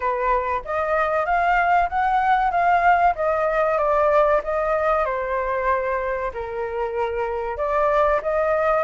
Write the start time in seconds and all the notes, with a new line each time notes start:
0.00 B4
0.65 D#5
1.25 F5
1.89 F#5
2.50 F5
3.15 D#5
3.78 D5
4.43 D#5
5.05 C5
6.33 A#4
7.57 D5
8.22 D#5